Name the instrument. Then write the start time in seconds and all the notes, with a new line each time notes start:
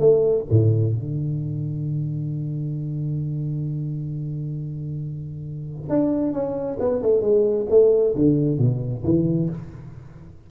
tuba
0.00 A3
0.51 A2
0.94 D3
5.90 D4
6.33 C#4
6.80 B3
7.03 A3
7.21 G#3
7.70 A3
8.16 D3
8.59 B2
9.05 E3